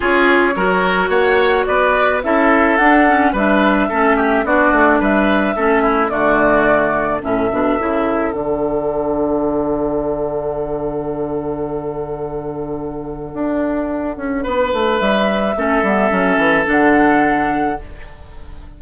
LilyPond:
<<
  \new Staff \with { instrumentName = "flute" } { \time 4/4 \tempo 4 = 108 cis''2 fis''4 d''4 | e''4 fis''4 e''2 | d''4 e''2 d''4~ | d''4 e''2 fis''4~ |
fis''1~ | fis''1~ | fis''2. e''4~ | e''2 fis''2 | }
  \new Staff \with { instrumentName = "oboe" } { \time 4/4 gis'4 ais'4 cis''4 b'4 | a'2 b'4 a'8 g'8 | fis'4 b'4 a'8 e'8 fis'4~ | fis'4 a'2.~ |
a'1~ | a'1~ | a'2 b'2 | a'1 | }
  \new Staff \with { instrumentName = "clarinet" } { \time 4/4 f'4 fis'2. | e'4 d'8 cis'8 d'4 cis'4 | d'2 cis'4 a4~ | a4 cis'8 d'8 e'4 d'4~ |
d'1~ | d'1~ | d'1 | cis'8 b8 cis'4 d'2 | }
  \new Staff \with { instrumentName = "bassoon" } { \time 4/4 cis'4 fis4 ais4 b4 | cis'4 d'4 g4 a4 | b8 a8 g4 a4 d4~ | d4 a,8 b,8 cis4 d4~ |
d1~ | d1 | d'4. cis'8 b8 a8 g4 | a8 g8 fis8 e8 d2 | }
>>